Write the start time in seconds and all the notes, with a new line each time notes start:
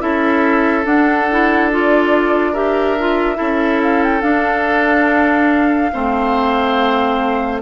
0.00 C#4 E4 A4 E5
0.85 D4 F#5
1.32 E4
1.71 F4 D5
2.53 G4 A#4 E5
2.99 F4
3.36 C#4 E4 A4
3.83 F5
4.03 G5
4.22 D4 F5
5.93 A3 C4 C5